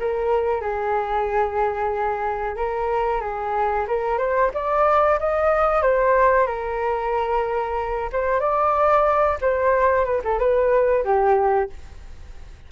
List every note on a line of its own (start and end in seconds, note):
0.00 0.61 A#4
0.61 2.56 G#4
2.56 3.21 A#4
3.21 3.87 G#4
3.88 4.19 A#4
4.19 4.51 C5
4.54 5.20 D5
5.20 5.83 D#5
5.83 6.47 C5
6.47 8.10 A#4
8.13 8.40 C5
8.40 9.38 D5
9.42 10.05 C5
10.05 10.22 B4
10.25 10.39 A4
10.39 11.04 B4
11.05 11.70 G4